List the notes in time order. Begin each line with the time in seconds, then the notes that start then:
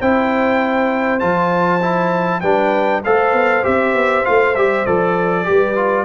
0.00 C4 E4 C5 G5
1.20 F3 F4 A5
1.82 E4
2.41 G3 D4 B4 G5
3.04 A3 A4 C5 F5
3.33 B3
3.64 C4 G4 E5
3.94 B3
4.25 A3 F4 F5
4.55 G3 G4 E5
4.86 F3 A4 D5
5.45 G3 G4 B4
5.76 F4